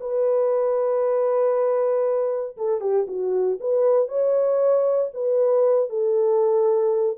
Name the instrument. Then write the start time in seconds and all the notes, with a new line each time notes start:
horn
0.00 B4
2.57 A4
2.80 G4
3.07 F#4
3.60 B4
4.08 C#5
5.14 B4
5.89 A4